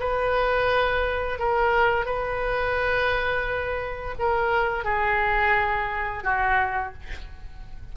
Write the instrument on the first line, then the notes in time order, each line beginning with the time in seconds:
oboe
0.00 B4
1.40 A#4
2.06 B4
4.20 A#4
4.85 G#4
6.24 F#4